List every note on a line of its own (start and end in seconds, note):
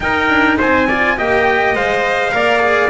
0.00 0.87 D#4
0.00 0.29 D#4
0.00 0.58 A#4
0.00 0.57 G5
0.29 0.58 D4
0.58 1.18 C4
0.58 0.87 C5
0.58 1.18 G#5
0.87 1.17 F4
0.87 1.16 D5
1.17 1.74 A#3
1.17 1.75 G4
1.17 2.34 D#5
1.17 1.75 G5
1.74 2.33 G#3
1.74 2.32 C5
1.74 2.90 F5
2.32 2.90 A#3
2.32 2.59 A#4
2.32 2.90 D5
2.59 2.89 G#4